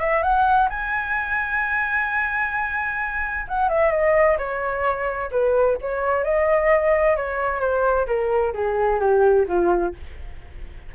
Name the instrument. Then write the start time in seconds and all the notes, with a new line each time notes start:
flute
0.00 E5
0.23 F#5
0.70 G#5
3.48 F#5
3.69 E5
3.91 D#5
4.38 C#5
5.31 B4
5.81 C#5
6.24 D#5
7.16 C#5
7.60 C5
8.07 A#4
8.54 G#4
9.00 G4
9.48 F4